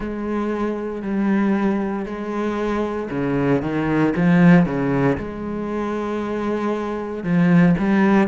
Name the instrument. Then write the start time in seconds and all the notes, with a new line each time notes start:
cello
0.00 G#3
1.02 G3
2.05 G#3
3.10 C#3
3.62 D#3
4.16 F3
4.65 C#3
5.17 G#3
7.23 F3
7.78 G3